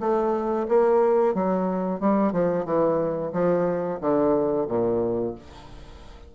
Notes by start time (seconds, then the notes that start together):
0.00 A3
0.68 A#3
1.34 F#3
2.00 G3
2.32 F3
2.65 E3
3.33 F3
4.01 D3
4.68 A#2